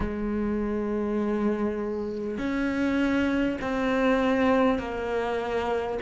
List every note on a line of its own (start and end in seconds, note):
0.00 2.38 G#3
2.38 3.58 C#4
3.61 4.78 C4
4.78 5.98 A#3